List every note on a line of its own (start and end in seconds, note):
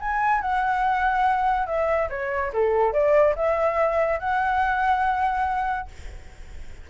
0.00 0.41 G#5
0.41 1.67 F#5
1.67 2.09 E5
2.10 2.52 C#5
2.53 2.93 A4
2.93 3.35 D5
3.36 4.19 E5
4.19 5.88 F#5